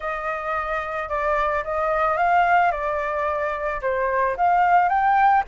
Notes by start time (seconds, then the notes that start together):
0.00 D#5
1.09 D5
1.63 D#5
2.17 F5
2.71 D5
3.81 C5
4.36 F5
4.88 G5